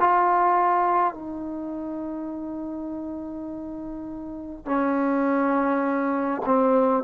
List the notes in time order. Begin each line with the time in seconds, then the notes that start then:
0.00 F4
1.14 D#4
4.66 C#4
6.45 C4